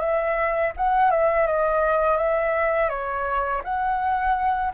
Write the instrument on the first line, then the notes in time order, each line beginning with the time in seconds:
flute
0.00 E5
0.77 F#5
1.11 E5
1.47 D#5
2.17 E5
2.89 C#5
3.64 F#5